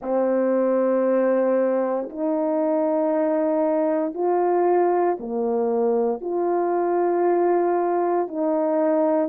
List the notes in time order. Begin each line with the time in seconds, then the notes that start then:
0.01 C4
2.09 D#4
4.14 F4
5.19 A#3
6.20 F4
8.27 D#4